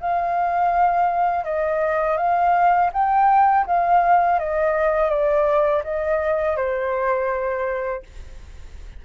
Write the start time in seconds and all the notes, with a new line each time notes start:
0.00 F5
1.44 D#5
2.17 F5
2.93 G5
3.66 F5
4.39 D#5
5.09 D5
5.83 D#5
6.56 C5